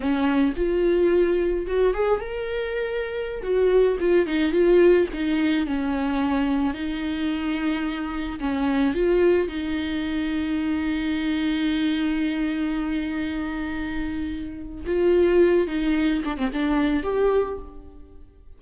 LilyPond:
\new Staff \with { instrumentName = "viola" } { \time 4/4 \tempo 4 = 109 cis'4 f'2 fis'8 gis'8 | ais'2~ ais'16 fis'4 f'8 dis'16~ | dis'16 f'4 dis'4 cis'4.~ cis'16~ | cis'16 dis'2. cis'8.~ |
cis'16 f'4 dis'2~ dis'8.~ | dis'1~ | dis'2. f'4~ | f'8 dis'4 d'16 c'16 d'4 g'4 | }